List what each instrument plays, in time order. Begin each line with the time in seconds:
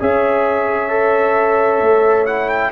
0.00 tuba C#4, trombone G#4, horn C#5, trumpet E5
0.90 trombone A4
1.82 tuba A3
2.27 trombone E4, trumpet F#5
2.49 trumpet G5